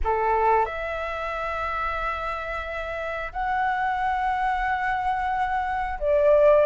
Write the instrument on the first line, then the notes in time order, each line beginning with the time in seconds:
flute
0.03 A4
0.65 E5
3.32 F#5
5.99 D5